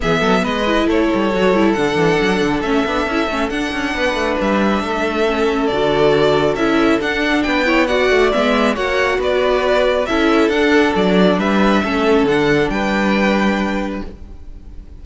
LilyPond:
<<
  \new Staff \with { instrumentName = "violin" } { \time 4/4 \tempo 4 = 137 e''4 dis''4 cis''2 | fis''2 e''2 | fis''2 e''2~ | e''4 d''2 e''4 |
fis''4 g''4 fis''4 e''4 | fis''4 d''2 e''4 | fis''4 d''4 e''2 | fis''4 g''2. | }
  \new Staff \with { instrumentName = "violin" } { \time 4/4 gis'8 a'8 b'4 a'2~ | a'1~ | a'4 b'2 a'4~ | a'1~ |
a'4 b'8 cis''8 d''2 | cis''4 b'2 a'4~ | a'2 b'4 a'4~ | a'4 b'2. | }
  \new Staff \with { instrumentName = "viola" } { \time 4/4 b4. e'4. fis'8 e'8 | d'2 cis'8 d'8 e'8 cis'8 | d'1 | cis'4 fis'2 e'4 |
d'4. e'8 fis'4 b4 | fis'2. e'4 | d'2. cis'4 | d'1 | }
  \new Staff \with { instrumentName = "cello" } { \time 4/4 e8 fis8 gis4 a8 g8 fis8 g8 | d8 e8 fis8 d8 a8 b8 cis'8 a8 | d'8 cis'8 b8 a8 g4 a4~ | a4 d2 cis'4 |
d'4 b4. a8 gis4 | ais4 b2 cis'4 | d'4 fis4 g4 a4 | d4 g2. | }
>>